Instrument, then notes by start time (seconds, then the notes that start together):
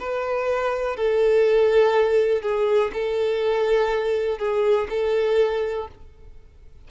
violin
0.00 B4
0.97 A4
2.42 G#4
2.94 A4
4.39 G#4
4.90 A4